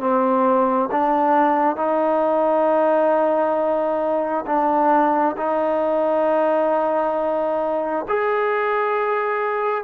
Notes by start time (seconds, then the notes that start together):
0.00 C4
0.92 D4
1.76 D#4
4.46 D4
5.37 D#4
8.08 G#4